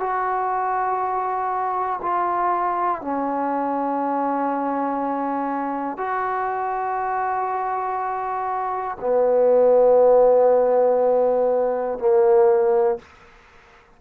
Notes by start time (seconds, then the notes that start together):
0.00 F#4
2.02 F4
3.01 C#4
5.98 F#4
9.00 B3
11.99 A#3